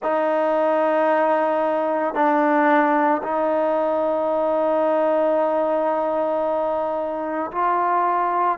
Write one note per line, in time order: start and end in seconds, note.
0.02 2.14 D#4
2.14 3.21 D4
3.22 7.51 D#4
7.51 8.58 F4